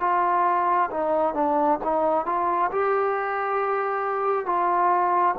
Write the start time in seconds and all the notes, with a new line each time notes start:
0.00 F4
0.90 D#4
1.34 D4
1.84 D#4
2.26 F4
2.72 G4
4.46 F4